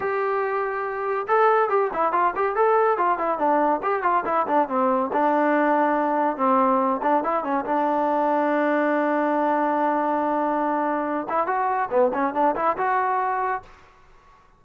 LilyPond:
\new Staff \with { instrumentName = "trombone" } { \time 4/4 \tempo 4 = 141 g'2. a'4 | g'8 e'8 f'8 g'8 a'4 f'8 e'8 | d'4 g'8 f'8 e'8 d'8 c'4 | d'2. c'4~ |
c'8 d'8 e'8 cis'8 d'2~ | d'1~ | d'2~ d'8 e'8 fis'4 | b8 cis'8 d'8 e'8 fis'2 | }